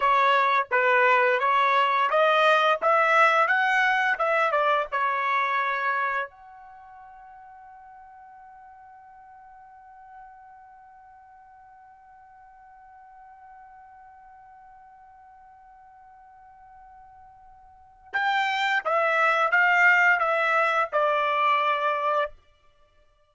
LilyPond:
\new Staff \with { instrumentName = "trumpet" } { \time 4/4 \tempo 4 = 86 cis''4 b'4 cis''4 dis''4 | e''4 fis''4 e''8 d''8 cis''4~ | cis''4 fis''2.~ | fis''1~ |
fis''1~ | fis''1~ | fis''2 g''4 e''4 | f''4 e''4 d''2 | }